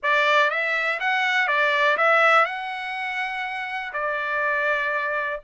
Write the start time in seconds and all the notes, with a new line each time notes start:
0.02 D5
0.50 E5
1.00 F#5
1.47 D5
1.97 E5
2.45 F#5
3.93 D5